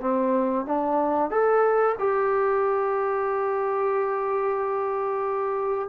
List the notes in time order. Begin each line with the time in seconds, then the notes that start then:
0.00 C4
0.66 D4
1.30 A4
1.99 G4